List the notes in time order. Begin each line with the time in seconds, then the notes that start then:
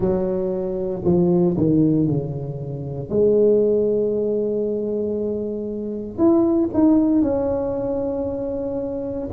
0.00 F#3
1.04 F3
1.57 D#3
2.07 C#3
3.09 G#3
6.18 E4
6.73 D#4
7.21 C#4